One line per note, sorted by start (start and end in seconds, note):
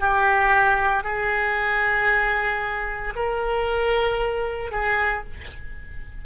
0.00 1.04 G4
1.04 3.14 G#4
3.16 4.72 A#4
4.72 5.24 G#4